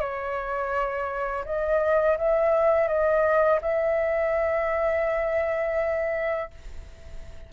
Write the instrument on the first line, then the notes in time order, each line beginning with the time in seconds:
flute
0.00 C#5
1.45 D#5
2.18 E5
2.88 D#5
3.61 E5